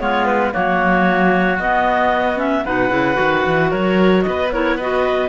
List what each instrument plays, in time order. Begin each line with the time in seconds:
0.00 cello G#3, clarinet B3 C#5, oboe F4
0.26 clarinet B4
0.52 cello F#3, clarinet A#3 C#5, oboe F#4
1.59 cello B3, clarinet B3 D#5
2.36 clarinet C#4 E5
2.66 cello B2, clarinet D#4 F#5, oboe B4
2.90 cello C#3, clarinet E4
3.14 cello D#3, clarinet F#4
3.47 cello E3
3.71 cello F#3, oboe A#4, clarinet C#5
4.23 cello B3, oboe B4, clarinet D#5
4.52 clarinet E4 C#5, oboe A#4
4.76 clarinet F#4 D#5, oboe B4